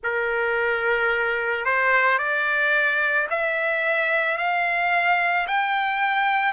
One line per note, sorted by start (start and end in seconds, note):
0.03 1.65 A#4
1.65 2.18 C5
2.18 3.27 D5
3.30 4.37 E5
4.37 5.46 F5
5.47 6.52 G5